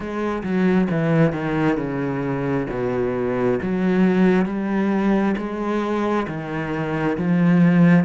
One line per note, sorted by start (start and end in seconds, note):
0.00 0.42 G#3
0.43 0.88 F#3
0.90 1.32 E3
1.32 1.77 D#3
1.77 2.66 C#3
2.69 3.59 B2
3.62 4.45 F#3
4.45 5.35 G3
5.37 6.26 G#3
6.27 7.16 D#3
7.17 8.04 F3